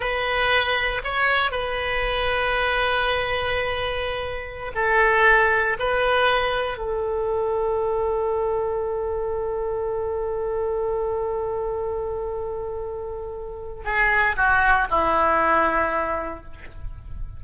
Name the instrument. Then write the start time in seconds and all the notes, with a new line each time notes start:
oboe
0.00 B4
1.03 C#5
1.51 B4
4.74 A4
5.79 B4
6.77 A4
13.84 G#4
14.36 F#4
14.90 E4